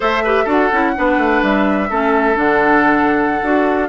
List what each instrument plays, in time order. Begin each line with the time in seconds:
0.00 bassoon A3, clarinet A4, oboe C5, flute E5
0.24 clarinet G4, oboe B4
0.44 bassoon D4, clarinet F#4, oboe A4
0.50 flute F#5
0.72 bassoon C#4, clarinet E4
0.95 bassoon B3, clarinet D4, oboe B4
1.17 bassoon A3
1.42 bassoon G3, flute E5
1.89 bassoon A3, clarinet C#4, oboe A4
2.34 bassoon D3, clarinet D4, flute F#5
3.42 bassoon D4, clarinet F#4